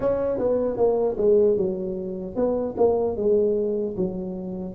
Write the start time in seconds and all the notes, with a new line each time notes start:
0.00 C#4
0.38 B3
0.76 A#3
1.17 G#3
1.56 F#3
2.35 B3
2.77 A#3
3.16 G#3
3.97 F#3